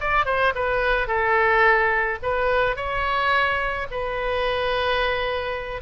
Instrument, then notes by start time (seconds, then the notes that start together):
oboe
0.00 D5
0.25 C5
0.55 B4
1.07 A4
2.22 B4
2.76 C#5
3.91 B4